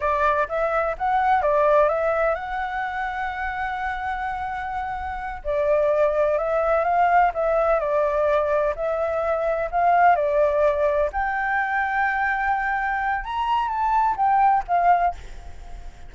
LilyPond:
\new Staff \with { instrumentName = "flute" } { \time 4/4 \tempo 4 = 127 d''4 e''4 fis''4 d''4 | e''4 fis''2.~ | fis''2.~ fis''8 d''8~ | d''4. e''4 f''4 e''8~ |
e''8 d''2 e''4.~ | e''8 f''4 d''2 g''8~ | g''1 | ais''4 a''4 g''4 f''4 | }